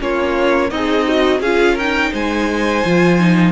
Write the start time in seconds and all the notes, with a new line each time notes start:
0.00 A#3 C#4 F4 C#5
0.70 C4 D#4 G#4 D#5
1.08 F#4
1.40 C#4 F4 G#4 F5
1.74 D#4 A#4 G5
2.11 G#3 C5 G#5
2.85 F3 F4
3.20 D#4